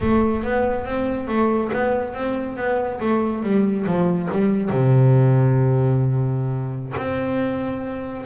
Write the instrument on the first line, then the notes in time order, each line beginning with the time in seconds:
double bass
0.01 A3
0.43 B3
0.85 C4
1.27 A3
1.72 B3
2.14 C4
2.56 B3
3.00 A3
3.42 G3
3.86 F3
4.31 G3
4.69 C3
6.96 C4